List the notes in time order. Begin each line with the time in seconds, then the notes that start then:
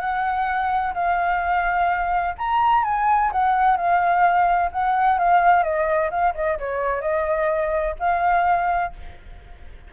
0.00 F#5
0.94 F5
2.38 A#5
2.84 G#5
3.32 F#5
3.77 F5
4.72 F#5
5.18 F5
5.63 D#5
6.11 F5
6.35 D#5
6.59 C#5
7.02 D#5
7.99 F5